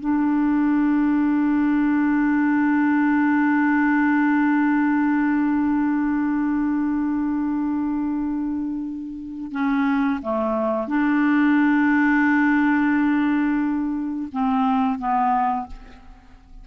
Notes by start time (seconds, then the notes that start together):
0.00 D4
9.52 C#4
10.22 A3
10.88 D4
14.32 C4
14.99 B3